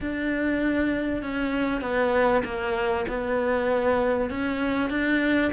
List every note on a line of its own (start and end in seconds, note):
0.00 1.22 D4
1.22 1.81 C#4
1.81 2.42 B3
2.44 3.05 A#3
3.08 4.30 B3
4.30 4.90 C#4
4.90 5.51 D4